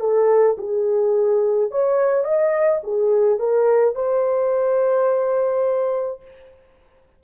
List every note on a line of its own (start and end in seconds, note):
0.00 0.57 A4
0.58 1.71 G#4
1.71 2.24 C#5
2.24 2.81 D#5
2.84 3.39 G#4
3.39 3.95 A#4
3.95 6.22 C5